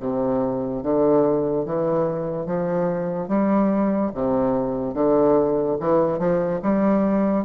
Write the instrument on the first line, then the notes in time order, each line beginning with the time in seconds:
bassoon
0.00 C3
0.83 D3
1.65 E3
2.46 F3
3.28 G3
4.14 C3
4.94 D3
5.80 E3
6.19 F3
6.62 G3